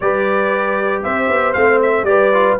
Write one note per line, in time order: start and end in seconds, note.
0.00 1.04 G3
0.00 1.54 G4
0.00 1.03 B4
0.00 1.03 D5
1.03 1.28 C4
1.03 2.06 C5
1.03 1.53 E5
1.28 1.54 B3
1.53 2.03 A3
1.53 2.06 C4
1.53 1.79 F5
1.82 2.04 E5
2.03 2.55 G3
2.03 2.32 G4
2.03 2.59 B4
2.03 2.56 D5
2.33 2.59 F4